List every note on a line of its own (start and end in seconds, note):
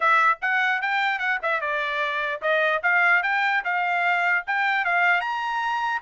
0.00 0.38 E5
0.41 0.81 F#5
0.81 1.18 G5
1.18 1.38 F#5
1.42 1.60 E5
1.60 2.41 D5
2.41 2.82 D#5
2.83 3.23 F5
3.23 3.63 G5
3.64 4.44 F5
4.46 4.84 G5
4.84 5.21 F5
5.21 6.01 A#5